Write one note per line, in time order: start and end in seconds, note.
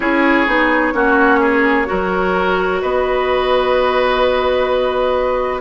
0.00 0.46 C#4
0.00 0.46 E4
0.00 0.93 G#4
0.00 2.79 C#5
0.46 0.93 B3
0.46 0.93 D#4
0.93 1.87 A#3
0.93 1.85 C#4
0.93 1.39 F#4
1.39 1.86 G#4
1.85 2.82 F#3
1.85 5.60 F#4
1.85 2.81 A#4
2.81 5.61 B3
2.81 5.61 B4
2.81 5.61 D#5